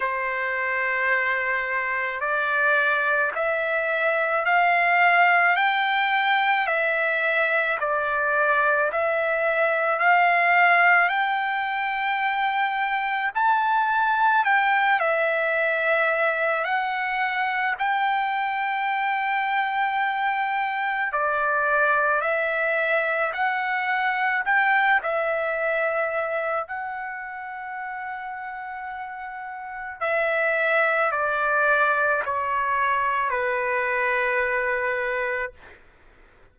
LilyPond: \new Staff \with { instrumentName = "trumpet" } { \time 4/4 \tempo 4 = 54 c''2 d''4 e''4 | f''4 g''4 e''4 d''4 | e''4 f''4 g''2 | a''4 g''8 e''4. fis''4 |
g''2. d''4 | e''4 fis''4 g''8 e''4. | fis''2. e''4 | d''4 cis''4 b'2 | }